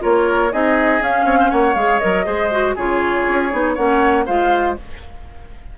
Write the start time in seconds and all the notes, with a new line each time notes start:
0.00 A#3 F4 A#4 C#5
0.52 C4 D#4 G#4 D#5
1.01 C#4 F5
1.24 C4 C#5
1.40 C5
1.50 A#3 C#5 F#5
1.74 G#3 G#4 F5
1.99 F#3 A#4 D#5
2.25 G#3 G#4 C5
2.52 F#4
2.75 C#3 F4 G#4 C#5
3.29 C#4
3.51 B3 D#4
3.75 A#3 C#4 C#5 F#5
4.26 G#3 F4 C5 F5